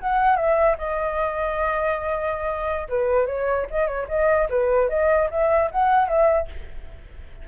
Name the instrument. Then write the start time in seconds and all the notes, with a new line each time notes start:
flute
0.00 F#5
0.36 E5
0.78 D#5
2.89 B4
3.26 C#5
3.70 D#5
3.87 C#5
4.08 D#5
4.49 B4
4.89 D#5
5.30 E5
5.71 F#5
6.08 E5